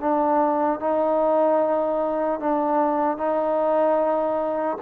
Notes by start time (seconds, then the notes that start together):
0.00 D4
0.80 D#4
2.40 D4
3.17 D#4